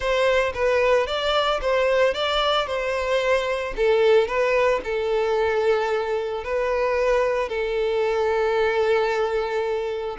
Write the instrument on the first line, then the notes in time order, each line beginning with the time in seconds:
violin
0.00 C5
0.54 B4
1.06 D5
1.61 C5
2.14 D5
2.66 C5
3.76 A4
4.27 B4
4.84 A4
6.44 B4
7.49 A4